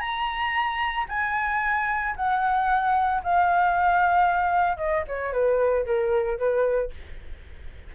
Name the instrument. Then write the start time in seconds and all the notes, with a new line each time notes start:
flute
0.00 A#5
1.09 G#5
2.16 F#5
3.23 F5
4.77 D#5
5.07 C#5
5.32 B4
5.86 A#4
6.38 B4